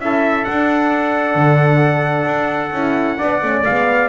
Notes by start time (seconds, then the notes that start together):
0.00 C#4 E4 A4 E5
0.44 D4 F#5
1.35 D3
2.26 D4
2.71 C#4 E4
3.18 B3 D4 D5
3.42 A3 C#4
3.64 G#3 B3 F5